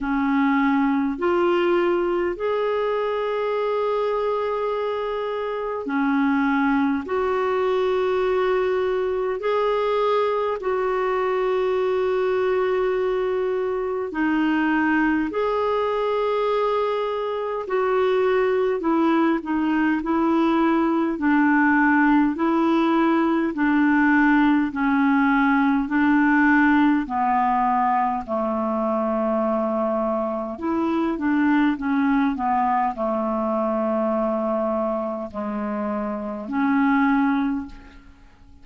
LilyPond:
\new Staff \with { instrumentName = "clarinet" } { \time 4/4 \tempo 4 = 51 cis'4 f'4 gis'2~ | gis'4 cis'4 fis'2 | gis'4 fis'2. | dis'4 gis'2 fis'4 |
e'8 dis'8 e'4 d'4 e'4 | d'4 cis'4 d'4 b4 | a2 e'8 d'8 cis'8 b8 | a2 gis4 cis'4 | }